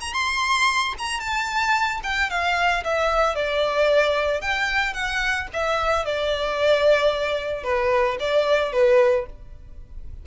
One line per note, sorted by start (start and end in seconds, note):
0.00 0.13 A#5
0.13 0.94 C6
0.98 1.20 A#5
1.20 2.00 A5
2.03 2.30 G5
2.30 2.83 F5
2.84 3.35 E5
3.35 4.41 D5
4.41 4.93 G5
4.93 5.47 F#5
5.53 6.05 E5
6.05 7.63 D5
7.63 8.17 B4
8.19 8.72 D5
8.72 9.26 B4